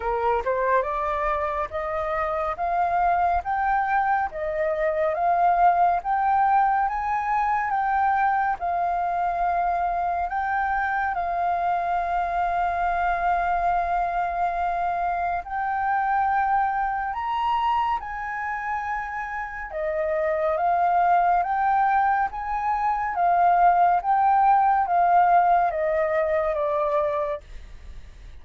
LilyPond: \new Staff \with { instrumentName = "flute" } { \time 4/4 \tempo 4 = 70 ais'8 c''8 d''4 dis''4 f''4 | g''4 dis''4 f''4 g''4 | gis''4 g''4 f''2 | g''4 f''2.~ |
f''2 g''2 | ais''4 gis''2 dis''4 | f''4 g''4 gis''4 f''4 | g''4 f''4 dis''4 d''4 | }